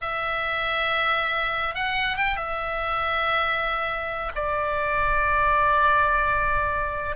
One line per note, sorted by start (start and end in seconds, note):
0.01 1.74 E5
1.74 2.16 F#5
2.16 2.36 G5
2.36 4.32 E5
4.35 7.16 D5